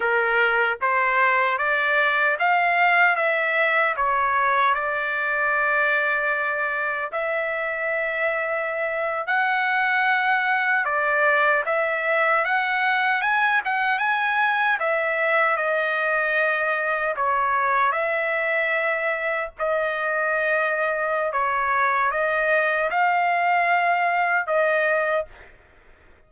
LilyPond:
\new Staff \with { instrumentName = "trumpet" } { \time 4/4 \tempo 4 = 76 ais'4 c''4 d''4 f''4 | e''4 cis''4 d''2~ | d''4 e''2~ e''8. fis''16~ | fis''4.~ fis''16 d''4 e''4 fis''16~ |
fis''8. gis''8 fis''8 gis''4 e''4 dis''16~ | dis''4.~ dis''16 cis''4 e''4~ e''16~ | e''8. dis''2~ dis''16 cis''4 | dis''4 f''2 dis''4 | }